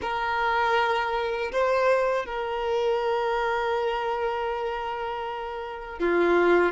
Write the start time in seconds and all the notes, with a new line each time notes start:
0.01 A#4
1.51 C5
2.25 A#4
5.99 F4